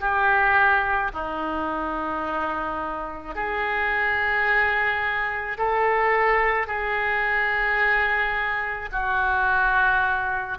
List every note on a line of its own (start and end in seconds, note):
0.00 1.11 G4
1.13 3.35 D#4
3.35 5.57 G#4
5.57 6.67 A4
6.67 8.89 G#4
8.91 10.58 F#4